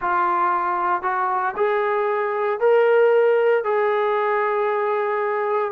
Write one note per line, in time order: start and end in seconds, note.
0.01 1.02 F4
1.02 1.54 F#4
1.56 2.60 G#4
2.60 3.64 A#4
3.64 5.72 G#4